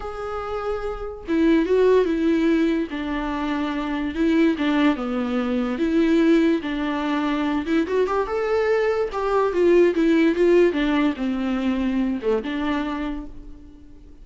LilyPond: \new Staff \with { instrumentName = "viola" } { \time 4/4 \tempo 4 = 145 gis'2. e'4 | fis'4 e'2 d'4~ | d'2 e'4 d'4 | b2 e'2 |
d'2~ d'8 e'8 fis'8 g'8 | a'2 g'4 f'4 | e'4 f'4 d'4 c'4~ | c'4. a8 d'2 | }